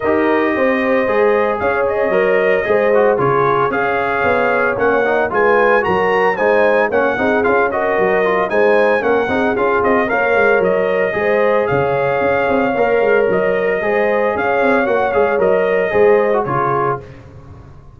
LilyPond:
<<
  \new Staff \with { instrumentName = "trumpet" } { \time 4/4 \tempo 4 = 113 dis''2. f''8 dis''8~ | dis''2 cis''4 f''4~ | f''4 fis''4 gis''4 ais''4 | gis''4 fis''4 f''8 dis''4. |
gis''4 fis''4 f''8 dis''8 f''4 | dis''2 f''2~ | f''4 dis''2 f''4 | fis''8 f''8 dis''2 cis''4 | }
  \new Staff \with { instrumentName = "horn" } { \time 4/4 ais'4 c''2 cis''4~ | cis''4 c''4 gis'4 cis''4~ | cis''2 b'4 ais'4 | c''4 cis''8 gis'4 ais'4. |
c''4 ais'8 gis'4. cis''4~ | cis''4 c''4 cis''2~ | cis''2 c''4 cis''4~ | cis''2 c''4 gis'4 | }
  \new Staff \with { instrumentName = "trombone" } { \time 4/4 g'2 gis'2 | ais'4 gis'8 fis'8 f'4 gis'4~ | gis'4 cis'8 dis'8 f'4 fis'4 | dis'4 cis'8 dis'8 f'8 fis'4 f'8 |
dis'4 cis'8 dis'8 f'4 ais'4~ | ais'4 gis'2. | ais'2 gis'2 | fis'8 gis'8 ais'4 gis'8. fis'16 f'4 | }
  \new Staff \with { instrumentName = "tuba" } { \time 4/4 dis'4 c'4 gis4 cis'4 | fis4 gis4 cis4 cis'4 | b4 ais4 gis4 fis4 | gis4 ais8 c'8 cis'4 fis4 |
gis4 ais8 c'8 cis'8 c'8 ais8 gis8 | fis4 gis4 cis4 cis'8 c'8 | ais8 gis8 fis4 gis4 cis'8 c'8 | ais8 gis8 fis4 gis4 cis4 | }
>>